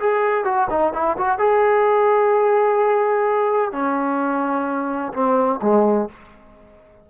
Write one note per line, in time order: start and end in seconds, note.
0.00 0.45 G#4
0.45 0.68 F#4
0.70 0.94 D#4
0.94 1.17 E4
1.18 1.39 F#4
1.39 3.72 G#4
3.72 5.13 C#4
5.14 5.61 C4
5.62 6.09 G#3